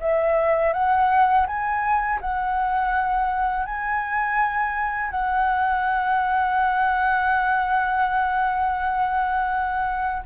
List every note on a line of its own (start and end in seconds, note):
0.00 0.73 E5
0.73 1.46 F#5
1.47 2.20 G#5
2.21 3.66 F#5
3.66 5.11 G#5
5.11 10.23 F#5